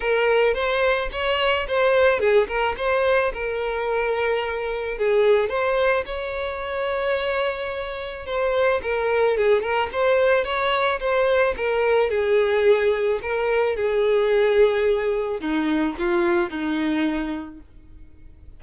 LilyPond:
\new Staff \with { instrumentName = "violin" } { \time 4/4 \tempo 4 = 109 ais'4 c''4 cis''4 c''4 | gis'8 ais'8 c''4 ais'2~ | ais'4 gis'4 c''4 cis''4~ | cis''2. c''4 |
ais'4 gis'8 ais'8 c''4 cis''4 | c''4 ais'4 gis'2 | ais'4 gis'2. | dis'4 f'4 dis'2 | }